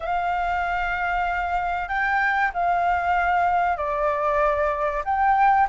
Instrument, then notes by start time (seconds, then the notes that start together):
flute
0.00 F5
1.88 G5
2.53 F5
3.76 D5
5.04 G5